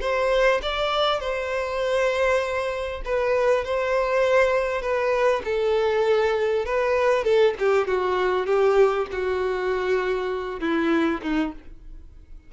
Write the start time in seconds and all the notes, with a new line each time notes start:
0.00 C5
0.62 D5
1.20 C5
3.05 B4
3.64 C5
4.81 B4
5.44 A4
6.65 B4
7.24 A4
7.59 G4
7.87 F#4
8.46 G4
9.11 F#4
10.60 E4
11.22 D#4